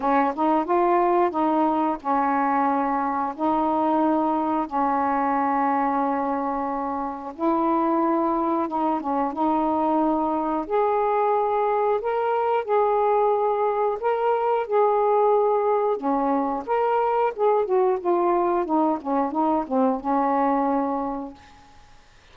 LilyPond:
\new Staff \with { instrumentName = "saxophone" } { \time 4/4 \tempo 4 = 90 cis'8 dis'8 f'4 dis'4 cis'4~ | cis'4 dis'2 cis'4~ | cis'2. e'4~ | e'4 dis'8 cis'8 dis'2 |
gis'2 ais'4 gis'4~ | gis'4 ais'4 gis'2 | cis'4 ais'4 gis'8 fis'8 f'4 | dis'8 cis'8 dis'8 c'8 cis'2 | }